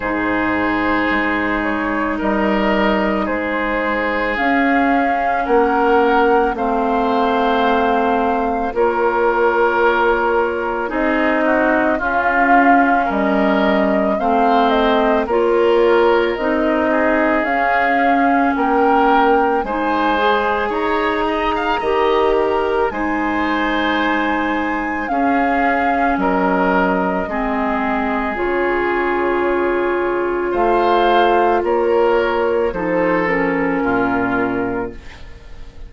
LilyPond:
<<
  \new Staff \with { instrumentName = "flute" } { \time 4/4 \tempo 4 = 55 c''4. cis''8 dis''4 c''4 | f''4 fis''4 f''2 | cis''2 dis''4 f''4 | dis''4 f''8 dis''8 cis''4 dis''4 |
f''4 g''4 gis''4 ais''4~ | ais''4 gis''2 f''4 | dis''2 cis''2 | f''4 cis''4 c''8 ais'4. | }
  \new Staff \with { instrumentName = "oboe" } { \time 4/4 gis'2 ais'4 gis'4~ | gis'4 ais'4 c''2 | ais'2 gis'8 fis'8 f'4 | ais'4 c''4 ais'4. gis'8~ |
gis'4 ais'4 c''4 cis''8 dis''16 f''16 | dis''8 ais'8 c''2 gis'4 | ais'4 gis'2. | c''4 ais'4 a'4 f'4 | }
  \new Staff \with { instrumentName = "clarinet" } { \time 4/4 dis'1 | cis'2 c'2 | f'2 dis'4 cis'4~ | cis'4 c'4 f'4 dis'4 |
cis'2 dis'8 gis'4. | g'4 dis'2 cis'4~ | cis'4 c'4 f'2~ | f'2 dis'8 cis'4. | }
  \new Staff \with { instrumentName = "bassoon" } { \time 4/4 gis,4 gis4 g4 gis4 | cis'4 ais4 a2 | ais2 c'4 cis'4 | g4 a4 ais4 c'4 |
cis'4 ais4 gis4 dis'4 | dis4 gis2 cis'4 | fis4 gis4 cis2 | a4 ais4 f4 ais,4 | }
>>